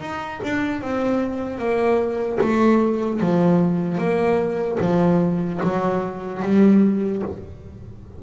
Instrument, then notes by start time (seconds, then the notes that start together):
double bass
0.00 D#4
0.43 D4
0.81 C4
1.58 A#3
2.40 A3
3.20 F3
3.97 A#3
4.80 F3
5.63 F#3
6.42 G3